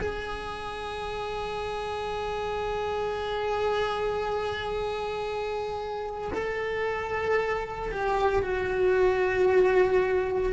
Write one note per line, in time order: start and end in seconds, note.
0.00 6.32 G#4
6.33 7.91 A4
7.91 8.42 G4
8.42 10.53 F#4